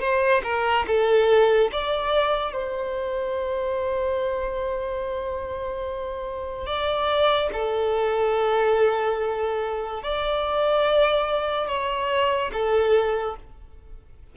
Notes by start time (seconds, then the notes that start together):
0.00 C5
0.44 A#4
0.87 A4
1.72 D5
2.53 C5
6.66 D5
7.53 A4
10.03 D5
11.68 C#5
12.53 A4